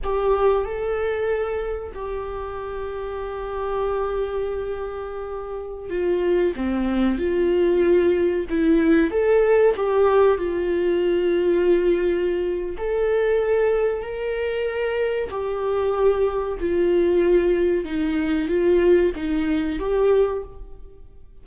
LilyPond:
\new Staff \with { instrumentName = "viola" } { \time 4/4 \tempo 4 = 94 g'4 a'2 g'4~ | g'1~ | g'4~ g'16 f'4 c'4 f'8.~ | f'4~ f'16 e'4 a'4 g'8.~ |
g'16 f'2.~ f'8. | a'2 ais'2 | g'2 f'2 | dis'4 f'4 dis'4 g'4 | }